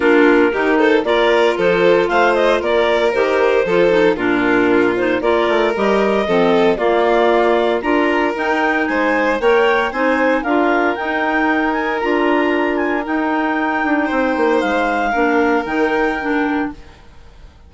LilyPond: <<
  \new Staff \with { instrumentName = "clarinet" } { \time 4/4 \tempo 4 = 115 ais'4. c''8 d''4 c''4 | f''8 dis''8 d''4 c''2 | ais'4. c''8 d''4 dis''4~ | dis''4 d''2 ais''4 |
g''4 gis''4 g''4 gis''4 | f''4 g''4. gis''8 ais''4~ | ais''8 gis''8 g''2. | f''2 g''2 | }
  \new Staff \with { instrumentName = "violin" } { \time 4/4 f'4 g'8 a'8 ais'4 a'4 | c''4 ais'2 a'4 | f'2 ais'2 | a'4 f'2 ais'4~ |
ais'4 c''4 cis''4 c''4 | ais'1~ | ais'2. c''4~ | c''4 ais'2. | }
  \new Staff \with { instrumentName = "clarinet" } { \time 4/4 d'4 dis'4 f'2~ | f'2 g'4 f'8 dis'8 | d'4. dis'8 f'4 g'4 | c'4 ais2 f'4 |
dis'2 ais'4 dis'4 | f'4 dis'2 f'4~ | f'4 dis'2.~ | dis'4 d'4 dis'4 d'4 | }
  \new Staff \with { instrumentName = "bassoon" } { \time 4/4 ais4 dis4 ais4 f4 | a4 ais4 dis4 f4 | ais,2 ais8 a8 g4 | f4 ais2 d'4 |
dis'4 gis4 ais4 c'4 | d'4 dis'2 d'4~ | d'4 dis'4. d'8 c'8 ais8 | gis4 ais4 dis2 | }
>>